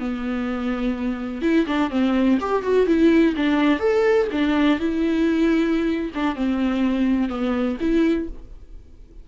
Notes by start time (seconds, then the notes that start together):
0.00 B3
1.42 E4
1.67 D4
1.91 C4
2.41 G4
2.63 F#4
2.87 E4
3.37 D4
3.80 A4
4.32 D4
4.80 E4
6.15 D4
6.36 C4
7.29 B3
7.81 E4